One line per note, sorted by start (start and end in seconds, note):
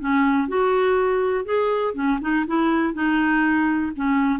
0.00 0.49 C#4
0.49 1.45 F#4
1.45 1.94 G#4
1.94 2.19 C#4
2.21 2.46 D#4
2.47 2.94 E4
2.94 3.92 D#4
3.96 4.40 C#4